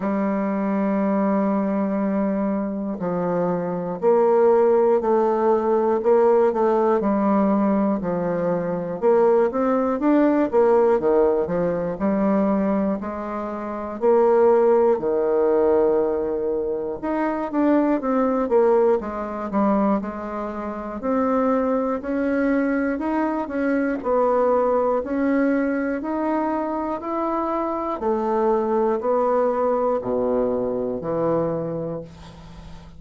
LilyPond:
\new Staff \with { instrumentName = "bassoon" } { \time 4/4 \tempo 4 = 60 g2. f4 | ais4 a4 ais8 a8 g4 | f4 ais8 c'8 d'8 ais8 dis8 f8 | g4 gis4 ais4 dis4~ |
dis4 dis'8 d'8 c'8 ais8 gis8 g8 | gis4 c'4 cis'4 dis'8 cis'8 | b4 cis'4 dis'4 e'4 | a4 b4 b,4 e4 | }